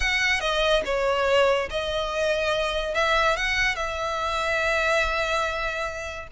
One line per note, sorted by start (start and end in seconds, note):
0.00 0.40 F#5
0.40 0.82 D#5
0.85 1.69 C#5
1.70 2.94 D#5
2.94 3.36 E5
3.36 3.75 F#5
3.75 6.27 E5